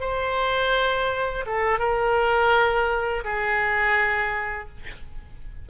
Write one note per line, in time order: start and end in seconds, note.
0.00 1.45 C5
1.46 1.79 A4
1.79 3.23 A#4
3.24 4.68 G#4